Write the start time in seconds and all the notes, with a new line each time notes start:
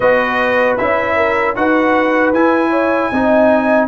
0.00 B3 F#4 B4 D#5
0.77 C#4 E4 E5
1.15 A#4
1.55 D#4 F#4 B4 F#5
2.32 E4 G#5
2.70 C#5
3.11 C4 D#4 D#5